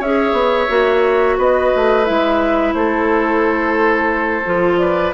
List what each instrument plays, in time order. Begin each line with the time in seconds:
0.00 bassoon C#4, clarinet G#4, oboe C#5, flute E5
0.33 bassoon B3
0.68 bassoon A#3, clarinet F#4
1.38 bassoon B3, oboe B4, flute D#5
1.75 bassoon A3
2.05 bassoon G#3, clarinet E4, flute E5
2.73 bassoon A3, oboe A4, flute C5
4.45 bassoon F3, clarinet F4
4.78 oboe B4, flute D5